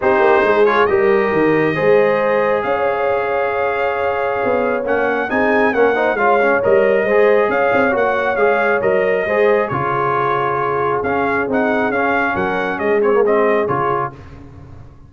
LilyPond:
<<
  \new Staff \with { instrumentName = "trumpet" } { \time 4/4 \tempo 4 = 136 c''4. cis''8 dis''2~ | dis''2 f''2~ | f''2. fis''4 | gis''4 fis''4 f''4 dis''4~ |
dis''4 f''4 fis''4 f''4 | dis''2 cis''2~ | cis''4 f''4 fis''4 f''4 | fis''4 dis''8 cis''8 dis''4 cis''4 | }
  \new Staff \with { instrumentName = "horn" } { \time 4/4 g'4 gis'4 ais'2 | c''2 cis''2~ | cis''1 | gis'4 ais'8 c''8 cis''2 |
c''4 cis''2.~ | cis''4 c''4 gis'2~ | gis'1 | ais'4 gis'2. | }
  \new Staff \with { instrumentName = "trombone" } { \time 4/4 dis'4. f'8 g'2 | gis'1~ | gis'2. cis'4 | dis'4 cis'8 dis'8 f'8 cis'8 ais'4 |
gis'2 fis'4 gis'4 | ais'4 gis'4 f'2~ | f'4 cis'4 dis'4 cis'4~ | cis'4. c'16 ais16 c'4 f'4 | }
  \new Staff \with { instrumentName = "tuba" } { \time 4/4 c'8 ais8 gis4 g4 dis4 | gis2 cis'2~ | cis'2 b4 ais4 | c'4 ais4 gis4 g4 |
gis4 cis'8 c'8 ais4 gis4 | fis4 gis4 cis2~ | cis4 cis'4 c'4 cis'4 | fis4 gis2 cis4 | }
>>